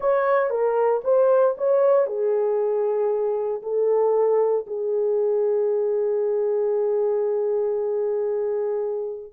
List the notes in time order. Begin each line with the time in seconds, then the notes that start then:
0.00 C#5
0.50 A#4
1.03 C5
1.57 C#5
2.06 G#4
3.62 A4
4.66 G#4